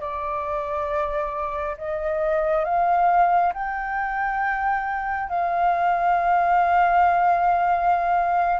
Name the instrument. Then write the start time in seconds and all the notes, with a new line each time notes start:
flute
0.00 D5
1.77 D#5
2.65 F5
3.53 G5
5.29 F5